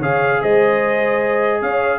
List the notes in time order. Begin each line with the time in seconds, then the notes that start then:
0.00 C#3 G#4 C#5 F5
0.42 G#3 C5 D#5
1.62 C#4 C#5 F5